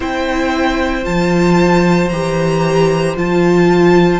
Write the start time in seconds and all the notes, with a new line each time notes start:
0.00 C4 E4 C5 G5
1.04 F3 F4 A5
2.09 E3 G4 A#5
3.16 F3 F4 A5